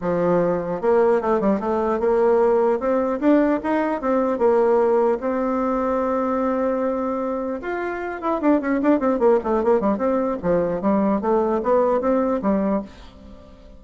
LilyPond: \new Staff \with { instrumentName = "bassoon" } { \time 4/4 \tempo 4 = 150 f2 ais4 a8 g8 | a4 ais2 c'4 | d'4 dis'4 c'4 ais4~ | ais4 c'2.~ |
c'2. f'4~ | f'8 e'8 d'8 cis'8 d'8 c'8 ais8 a8 | ais8 g8 c'4 f4 g4 | a4 b4 c'4 g4 | }